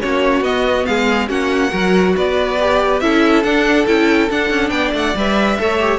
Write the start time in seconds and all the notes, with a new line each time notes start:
0.00 A#3 C#4 F#4 C#5
0.41 B3 D#5
0.85 G#3 G#4 F5
1.27 A#3 C#4 F#4 F#5
1.71 F#3 F#4 A#4
2.16 B3 B4 D5
2.60 G4
3.00 C#4 E4 A4 E5
3.43 D4 F#5
3.87 C#4 E4 G5
4.30 D4 F#5
4.50 C#4
4.69 B3 D5 G5
4.93 A3 F#5
5.15 G3 B4 E5
5.59 A3 A4 C#5
5.79 G4